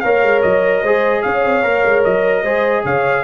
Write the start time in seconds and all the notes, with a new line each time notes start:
0.00 A#3 A#4 C#5 F5
0.23 G#3
0.42 F#3 D#5
0.82 G#3 G#4 C5
1.22 C#4 C#5 F5
1.44 C4
1.63 A#3 A#4
1.84 G#3
2.03 F#3 D#5
2.43 G#3 G#4 C5
2.84 C#3 C#5 F5